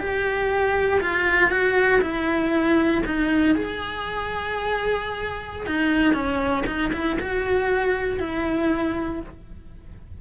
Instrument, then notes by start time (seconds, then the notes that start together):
cello
0.00 G4
1.01 F4
1.51 F#4
2.02 E4
3.06 D#4
3.55 G#4
5.67 D#4
6.14 C#4
6.67 D#4
6.93 E4
7.20 F#4
8.20 E4